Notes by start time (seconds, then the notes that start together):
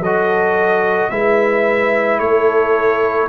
0.00 F#3 F#4 A4 D#5
1.10 G#3 E4 B4 E5
2.19 A3 A4 C#5